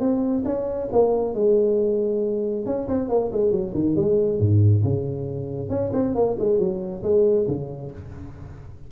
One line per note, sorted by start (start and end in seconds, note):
0.00 0.44 C4
0.45 0.89 C#4
0.92 1.35 A#3
1.35 2.66 G#3
2.66 2.88 C#4
2.89 3.09 C4
3.09 3.31 A#3
3.32 3.52 G#3
3.52 3.73 F#3
3.74 3.96 D#3
3.96 4.40 G#3
4.40 4.84 G#2
4.84 5.70 C#3
5.70 5.91 C#4
5.93 6.15 C4
6.15 6.37 A#3
6.39 6.59 G#3
6.59 7.03 F#3
7.03 7.47 G#3
7.48 7.92 C#3